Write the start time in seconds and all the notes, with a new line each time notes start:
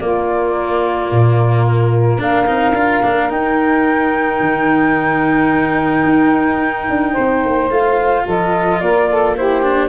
0.00 A#3 F4 D5
1.11 A#2
1.67 A#4
2.18 A#3 D4 A#4 F5
2.46 C4 D#4
2.73 D4 F4
3.03 A#3 D4
3.30 D#4 G5
4.40 D#3
6.04 D#4
6.89 D4
7.13 C4 C5
7.45 A#3
7.70 A3 F4 F5
8.25 F3 A4 D#5
8.80 A#3 A#4 D5
9.10 A4
9.37 E4 G4 C5
9.62 D4